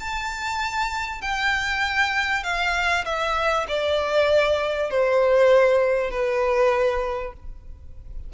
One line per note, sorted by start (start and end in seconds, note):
0.00 1.22 A5
1.22 2.44 G5
2.44 3.05 F5
3.05 3.67 E5
3.69 4.91 D5
4.91 6.11 C5
6.11 7.33 B4